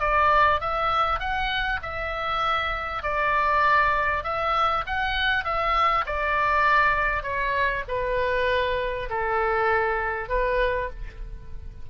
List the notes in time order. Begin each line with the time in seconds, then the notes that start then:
0.00 D5
0.61 E5
1.20 F#5
1.83 E5
3.03 D5
4.24 E5
4.87 F#5
5.45 E5
6.06 D5
7.23 C#5
7.88 B4
9.10 A4
10.29 B4